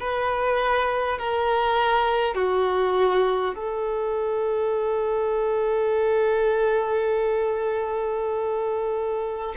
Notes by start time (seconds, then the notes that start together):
0.00 B4
1.19 A#4
2.35 F#4
3.55 A4